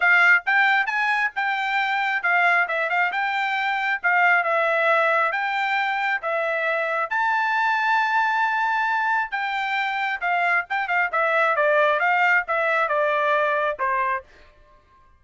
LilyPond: \new Staff \with { instrumentName = "trumpet" } { \time 4/4 \tempo 4 = 135 f''4 g''4 gis''4 g''4~ | g''4 f''4 e''8 f''8 g''4~ | g''4 f''4 e''2 | g''2 e''2 |
a''1~ | a''4 g''2 f''4 | g''8 f''8 e''4 d''4 f''4 | e''4 d''2 c''4 | }